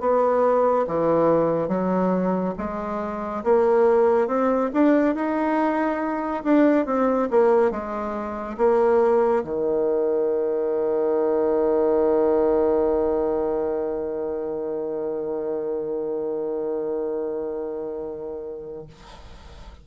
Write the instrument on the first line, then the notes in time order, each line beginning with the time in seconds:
bassoon
0.00 B3
0.87 E3
1.68 F#3
2.58 G#3
3.44 A#3
4.27 C4
4.73 D4
5.15 D#4
6.44 D4
6.86 C4
7.31 A#3
7.71 G#3
8.58 A#3
9.44 D#3